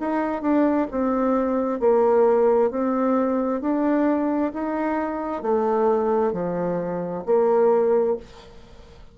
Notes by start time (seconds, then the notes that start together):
0.00 D#4
0.42 D4
0.91 C4
1.80 A#3
2.71 C4
3.61 D4
4.53 D#4
5.42 A3
6.33 F3
7.26 A#3